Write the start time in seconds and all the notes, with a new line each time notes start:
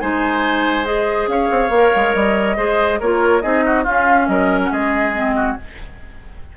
0.00 G#3 D#4 C5 G#5
0.85 G#4 D#5
1.27 C#4 C#5 F5
1.51 C4
1.70 A#3 A#4
1.96 G#3
2.14 G3 D#5
2.57 G#3 G#4 C5
3.00 A#3 F4 A#4 C#5
3.42 C4 D#4 G#4 D#5
3.66 F#4
3.84 C#4 F4 F5
4.28 F#3 A#4 D#5
4.65 F#5
4.72 G#3 G#4 D#5
5.15 C4
5.36 F#4